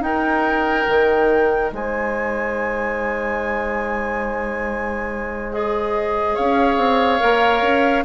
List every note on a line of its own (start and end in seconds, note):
0.00 0.85 D#4
0.00 5.52 D#4
0.00 1.74 A#4
0.00 1.71 G5
0.88 1.72 D#3
1.72 6.37 G#3
1.72 6.35 C5
1.72 5.53 G#5
5.52 7.20 G#4
5.52 6.36 D#5
6.35 6.77 C#4
6.35 8.04 C#5
6.35 8.05 F5
6.77 7.19 C4
7.20 7.62 A#3
7.20 8.04 A#4
7.62 8.04 C#4